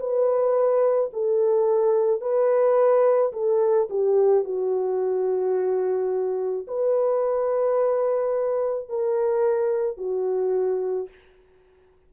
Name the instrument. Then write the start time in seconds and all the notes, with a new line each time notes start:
horn
0.00 B4
1.13 A4
2.21 B4
3.33 A4
3.90 G4
4.44 F#4
6.68 B4
8.89 A#4
9.97 F#4